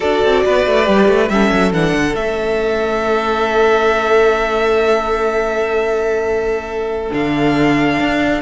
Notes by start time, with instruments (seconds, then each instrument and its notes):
0.00 cello D4, viola F#4, violin A4 D5
0.24 cello C4
0.45 cello B3, violin B4
0.66 cello A3
0.84 cello G3, viola G4
1.08 cello A3
1.28 cello G3, viola C#4, violin A4 E5
1.51 cello F#3
1.72 cello E3, viola D4, violin F#5
1.93 cello D3
2.14 cello A3, viola C#4, violin E5
7.10 cello D3, viola D4, violin F5
7.99 cello D4